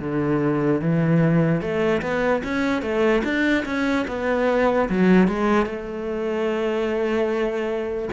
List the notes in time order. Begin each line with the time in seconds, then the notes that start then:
0.00 D3
0.81 E3
1.61 A3
2.02 B3
2.44 C#4
2.82 A3
3.24 D4
3.65 C#4
4.08 B3
4.89 F#3
5.28 G#3
5.66 A3